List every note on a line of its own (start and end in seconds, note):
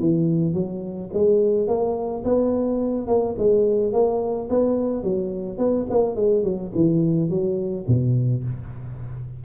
0.00 0.54 E3
0.54 1.10 F#3
1.13 1.68 G#3
1.68 2.24 A#3
2.25 3.07 B3
3.07 3.35 A#3
3.38 3.93 G#3
3.93 4.49 A#3
4.50 5.03 B3
5.03 5.58 F#3
5.58 5.86 B3
5.90 6.16 A#3
6.16 6.44 G#3
6.44 6.72 F#3
6.75 7.30 E3
7.30 7.86 F#3
7.88 8.44 B2